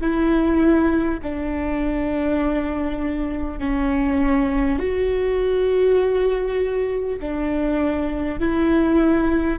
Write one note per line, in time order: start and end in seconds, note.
0.00 1.20 E4
1.23 3.59 D4
3.59 4.79 C#4
4.79 7.19 F#4
7.20 8.39 D4
8.39 9.59 E4